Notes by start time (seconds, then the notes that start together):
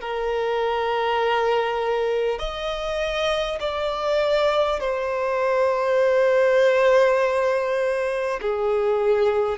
0.00 A#4
2.38 D#5
3.60 D5
4.79 C5
8.41 G#4